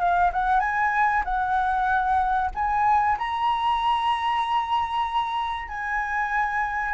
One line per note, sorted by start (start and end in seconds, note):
0.00 0.32 F5
0.33 0.60 F#5
0.60 1.23 G#5
1.25 2.51 F#5
2.55 3.18 G#5
3.19 5.69 A#5
5.69 6.94 G#5